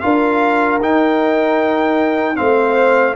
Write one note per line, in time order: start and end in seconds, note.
0.00 0.80 D4
0.00 0.81 F4
0.00 2.36 A#4
0.00 0.79 F5
0.80 2.38 D#4
0.80 2.36 D#4
0.80 2.36 G5
2.36 3.16 A3
2.36 3.14 C4
2.36 3.15 C5
2.36 3.15 F5